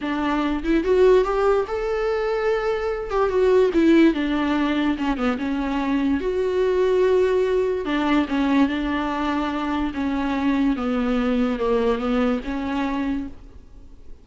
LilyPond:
\new Staff \with { instrumentName = "viola" } { \time 4/4 \tempo 4 = 145 d'4. e'8 fis'4 g'4 | a'2.~ a'8 g'8 | fis'4 e'4 d'2 | cis'8 b8 cis'2 fis'4~ |
fis'2. d'4 | cis'4 d'2. | cis'2 b2 | ais4 b4 cis'2 | }